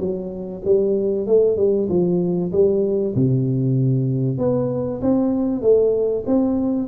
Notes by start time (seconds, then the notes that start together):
0.00 F#3
0.66 G3
1.28 A3
1.57 G3
1.89 F3
2.52 G3
3.16 C3
4.39 B3
5.02 C4
5.62 A3
6.27 C4